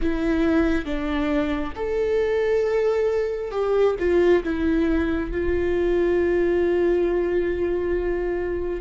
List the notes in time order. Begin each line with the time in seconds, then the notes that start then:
0.01 E4
0.85 D4
1.75 A4
3.51 G4
3.99 F4
4.43 E4
5.31 F4